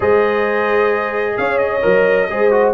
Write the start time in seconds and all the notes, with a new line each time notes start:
0.00 G#3 G#4 C5 D#5
1.37 C#4 C#5 F5
1.57 D#5
1.81 F#3 A#4
2.30 G#3 G#4 C5
2.51 F#4